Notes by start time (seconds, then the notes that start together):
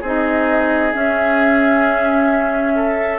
0.00 C4 D#4 G#4
0.06 D#5
0.92 C#4 E5
2.75 A4